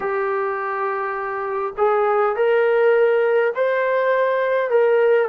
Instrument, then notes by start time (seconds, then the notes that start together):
trombone
0.00 G4
1.77 G#4
2.35 A#4
3.55 C5
4.70 A#4